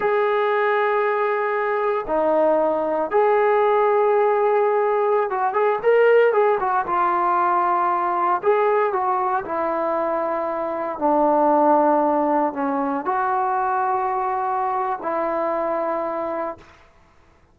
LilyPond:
\new Staff \with { instrumentName = "trombone" } { \time 4/4 \tempo 4 = 116 gis'1 | dis'2 gis'2~ | gis'2~ gis'16 fis'8 gis'8 ais'8.~ | ais'16 gis'8 fis'8 f'2~ f'8.~ |
f'16 gis'4 fis'4 e'4.~ e'16~ | e'4~ e'16 d'2~ d'8.~ | d'16 cis'4 fis'2~ fis'8.~ | fis'4 e'2. | }